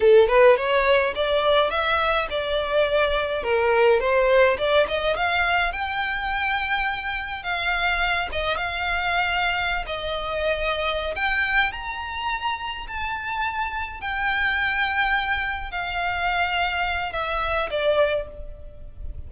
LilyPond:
\new Staff \with { instrumentName = "violin" } { \time 4/4 \tempo 4 = 105 a'8 b'8 cis''4 d''4 e''4 | d''2 ais'4 c''4 | d''8 dis''8 f''4 g''2~ | g''4 f''4. dis''8 f''4~ |
f''4~ f''16 dis''2~ dis''16 g''8~ | g''8 ais''2 a''4.~ | a''8 g''2. f''8~ | f''2 e''4 d''4 | }